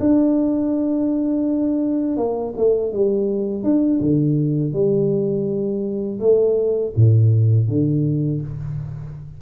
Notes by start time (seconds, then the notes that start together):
0.00 D4
2.18 A#3
2.57 A3
2.93 G3
3.64 D4
4.01 D3
4.73 G3
6.20 A3
6.96 A2
7.68 D3